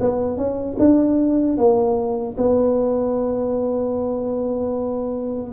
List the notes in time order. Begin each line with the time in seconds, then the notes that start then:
0.00 B3
0.37 C#4
0.79 D4
1.57 A#3
2.37 B3